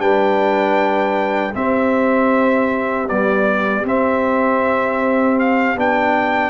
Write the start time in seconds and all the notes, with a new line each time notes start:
0.00 G3 D4 B4 G5
1.55 C4 G4 E5
3.09 G3 B3 D5
3.85 C4 E5
5.40 F5
5.76 B3 D4 G5